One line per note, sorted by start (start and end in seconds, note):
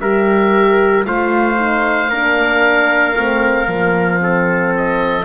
0.00 1.05 G3
0.00 1.05 G4
0.00 1.07 A#4
0.00 1.05 E5
1.05 2.10 A3
1.05 1.57 F4
1.05 2.11 C5
1.05 4.74 F5
1.57 2.09 D#4
2.10 3.15 A#3
2.10 3.17 D4
2.10 4.21 A#4
3.17 3.67 A3
3.17 3.68 C4
3.67 5.25 F3
3.67 4.19 A#3
4.19 5.24 C4
4.19 5.25 A4
4.77 5.25 D#5